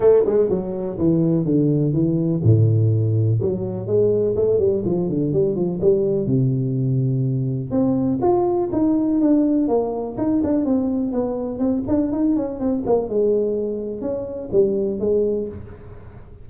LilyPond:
\new Staff \with { instrumentName = "tuba" } { \time 4/4 \tempo 4 = 124 a8 gis8 fis4 e4 d4 | e4 a,2 fis4 | gis4 a8 g8 f8 d8 g8 f8 | g4 c2. |
c'4 f'4 dis'4 d'4 | ais4 dis'8 d'8 c'4 b4 | c'8 d'8 dis'8 cis'8 c'8 ais8 gis4~ | gis4 cis'4 g4 gis4 | }